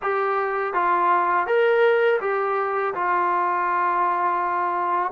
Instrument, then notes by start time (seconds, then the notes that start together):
trombone
0.02 G4
0.73 F4
1.46 A#4
2.21 G4
2.94 F4